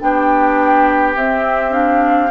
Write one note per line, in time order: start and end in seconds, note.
0.00 1.16 B3
0.00 1.15 D4
0.00 2.31 G4
0.00 1.16 G5
1.16 2.31 C4
1.16 1.72 C4
1.16 1.73 E5
1.72 2.29 D4
1.72 2.31 F5